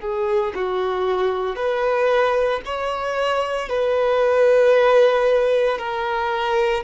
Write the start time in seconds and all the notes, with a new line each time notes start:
0.00 G#4
0.55 F#4
1.55 B4
2.65 C#5
3.68 B4
5.78 A#4